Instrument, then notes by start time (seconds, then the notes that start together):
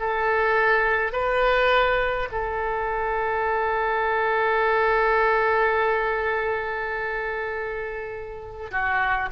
oboe
0.00 A4
1.13 B4
2.32 A4
8.71 F#4